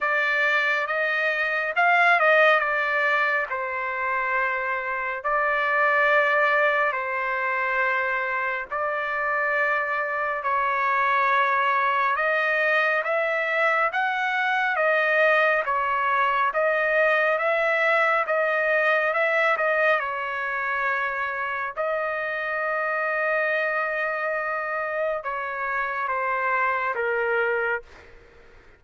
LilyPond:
\new Staff \with { instrumentName = "trumpet" } { \time 4/4 \tempo 4 = 69 d''4 dis''4 f''8 dis''8 d''4 | c''2 d''2 | c''2 d''2 | cis''2 dis''4 e''4 |
fis''4 dis''4 cis''4 dis''4 | e''4 dis''4 e''8 dis''8 cis''4~ | cis''4 dis''2.~ | dis''4 cis''4 c''4 ais'4 | }